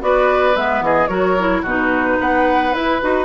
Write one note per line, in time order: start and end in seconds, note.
0.00 0.55 B3
0.00 0.55 F#4
0.00 0.84 B4
0.00 0.56 D5
0.55 0.81 G#3
0.55 1.09 B3
0.55 0.83 E5
0.81 1.08 E3
0.81 1.09 G#4
0.81 1.07 D#5
1.07 1.63 F#3
1.07 1.36 F#4
1.07 1.62 A#4
1.07 1.62 C#5
1.38 1.66 E4
1.62 2.18 B2
1.62 2.74 D#4
1.62 2.16 F#4
1.62 2.21 B4
2.20 2.74 B3
2.20 3.25 B4
2.20 2.73 F#5
2.73 3.01 E4
2.73 3.25 B4
3.01 3.25 D#4
3.01 3.25 F#4